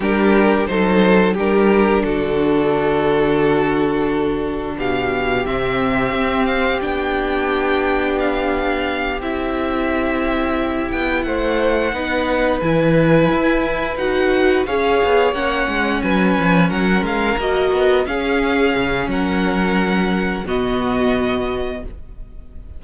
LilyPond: <<
  \new Staff \with { instrumentName = "violin" } { \time 4/4 \tempo 4 = 88 ais'4 c''4 ais'4 a'4~ | a'2. f''4 | e''4. f''8 g''2 | f''4. e''2~ e''8 |
g''8 fis''2 gis''4.~ | gis''8 fis''4 f''4 fis''4 gis''8~ | gis''8 fis''8 f''8 dis''4 f''4. | fis''2 dis''2 | }
  \new Staff \with { instrumentName = "violin" } { \time 4/4 g'4 a'4 g'4 fis'4~ | fis'2. g'4~ | g'1~ | g'1~ |
g'8 c''4 b'2~ b'8~ | b'4. cis''2 b'8~ | b'8 ais'2 gis'4. | ais'2 fis'2 | }
  \new Staff \with { instrumentName = "viola" } { \time 4/4 d'4 dis'4 d'2~ | d'1 | c'2 d'2~ | d'4. e'2~ e'8~ |
e'4. dis'4 e'4.~ | e'8 fis'4 gis'4 cis'4.~ | cis'4. fis'4 cis'4.~ | cis'2 b2 | }
  \new Staff \with { instrumentName = "cello" } { \time 4/4 g4 fis4 g4 d4~ | d2. b,4 | c4 c'4 b2~ | b4. c'2~ c'8 |
b8 a4 b4 e4 e'8~ | e'8 dis'4 cis'8 b8 ais8 gis8 fis8 | f8 fis8 gis8 ais8 b8 cis'4 cis8 | fis2 b,2 | }
>>